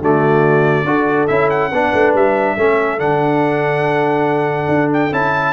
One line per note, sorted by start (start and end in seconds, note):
0.00 0.84 D3
0.00 0.85 A3
0.00 0.86 F#4
0.00 1.27 D5
0.84 1.26 D4
0.84 1.28 F#4
0.84 1.72 A4
1.27 1.71 C#4
1.27 1.71 E4
1.27 1.48 E5
1.49 2.13 F#5
1.71 1.93 B3
1.71 2.57 D4
1.71 2.56 B4
1.93 2.14 A3
2.14 2.56 G3
2.14 2.99 E5
2.56 2.99 A3
2.56 2.98 C#4
2.56 5.53 A4
2.98 4.68 D3
2.98 5.11 D4
2.98 4.91 F#5
4.68 5.11 D4
4.93 5.13 G5
5.12 5.53 C#4
5.12 5.53 E4
5.12 5.53 A5